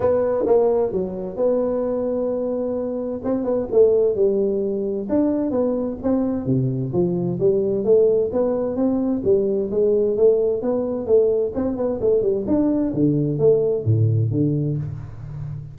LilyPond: \new Staff \with { instrumentName = "tuba" } { \time 4/4 \tempo 4 = 130 b4 ais4 fis4 b4~ | b2. c'8 b8 | a4 g2 d'4 | b4 c'4 c4 f4 |
g4 a4 b4 c'4 | g4 gis4 a4 b4 | a4 c'8 b8 a8 g8 d'4 | d4 a4 a,4 d4 | }